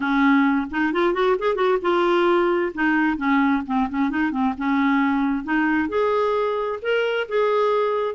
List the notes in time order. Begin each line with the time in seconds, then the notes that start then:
0.00 C#4
0.70 D#4
0.92 F4
1.13 F#4
1.38 G#4
1.55 F#4
1.81 F4
2.74 D#4
3.17 C#4
3.66 C4
3.89 C#4
4.10 D#4
4.31 C4
4.57 C#4
5.43 D#4
5.88 G#4
6.82 A#4
7.28 G#4